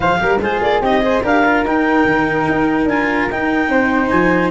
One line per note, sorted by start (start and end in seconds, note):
0.00 0.19 F3
0.00 0.17 G#4
0.00 0.18 C5
0.00 0.40 F5
0.17 0.40 G3
0.17 0.38 G4
0.17 0.41 A#4
0.40 0.60 G#3
0.40 0.83 F4
0.40 0.81 G#4
0.40 0.62 C5
0.61 0.80 A#3
0.61 0.82 D5
0.80 1.21 C4
0.80 1.01 D#4
0.80 1.02 G4
0.80 1.24 D#5
1.01 1.22 G#4
1.01 1.24 C5
1.23 1.63 D4
1.23 1.43 G4
1.23 3.69 A#4
1.23 1.66 F5
1.45 1.65 F4
1.63 2.04 D#4
1.63 2.89 D#4
1.63 2.88 G5
2.05 2.46 D#3
2.48 2.85 D#4
2.85 3.26 D4
2.85 3.30 F4
2.85 3.29 G#5
3.30 3.68 D#4
3.30 4.51 D#4
3.30 4.09 G5
3.68 4.09 C4
3.68 4.51 C5
4.09 4.51 F3
4.09 4.50 G#5